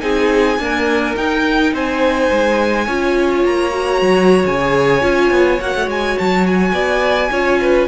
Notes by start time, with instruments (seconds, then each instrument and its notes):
0.00 cello C4, viola D#4, violin G#4 G#5
0.58 viola A#3, cello D4, violin A#4
1.15 viola D#4, cello D#4, violin G5
1.73 cello C4, violin C5 G#5
2.31 cello G#3
2.86 cello C#4, viola F4, violin C#5
3.44 cello A#3, violin A#5
3.71 viola F#4
4.01 cello F#3
4.46 cello C#3, violin G#5
4.61 viola G#4
5.01 cello C#4, viola F4
5.30 cello B3
5.60 cello A#3, viola F#4, violin F#5
5.74 cello A3
5.87 cello G#3, violin G#5
6.18 cello F#3, violin A5
6.46 violin G#5
6.73 cello B3, violin D5
7.31 cello C#4, viola F4, violin C#5
7.61 violin B4